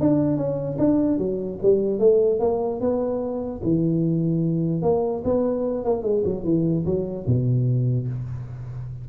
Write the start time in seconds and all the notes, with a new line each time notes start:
0.00 D4
0.37 C#4
0.79 D4
1.18 F#3
1.62 G3
1.99 A3
2.40 A#3
2.80 B3
3.63 E3
4.82 A#3
5.24 B3
5.84 A#3
6.03 G#3
6.25 F#3
6.44 E3
6.86 F#3
7.27 B2